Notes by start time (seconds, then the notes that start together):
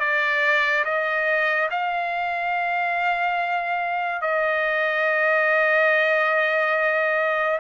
0.00 D5
0.85 D#5
1.71 F5
4.22 D#5